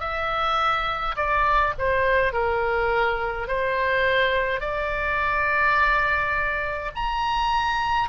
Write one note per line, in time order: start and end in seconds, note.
0.00 1.15 E5
1.16 1.74 D5
1.78 2.32 C5
2.32 3.47 A#4
3.47 4.60 C5
4.60 6.91 D5
6.95 8.09 A#5